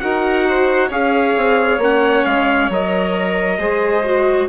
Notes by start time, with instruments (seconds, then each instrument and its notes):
0.00 bassoon D#4, viola F#4, violin A#4, trumpet F#5
0.49 violin C5
0.89 bassoon C#4, viola G#4, violin C#5, trumpet F5
1.37 bassoon C4
1.78 bassoon A#3, viola C#4, trumpet F#5
2.25 bassoon G#3, trumpet F5
2.70 bassoon F#3, viola A#4, trumpet D#5
3.59 bassoon G#3, viola G#4, violin C5
4.05 viola F#4